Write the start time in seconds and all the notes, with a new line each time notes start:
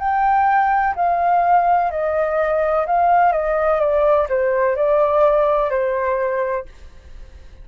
0.00 G5
0.96 F5
1.91 D#5
2.87 F5
3.32 D#5
3.80 D5
4.29 C5
4.76 D5
5.71 C5